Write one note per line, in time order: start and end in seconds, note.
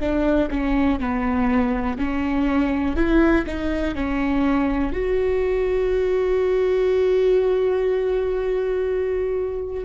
0.00 0.49 D4
0.51 1.00 C#4
1.00 1.98 B3
1.98 2.96 C#4
2.96 3.45 E4
3.46 3.95 D#4
3.95 4.93 C#4
4.93 9.85 F#4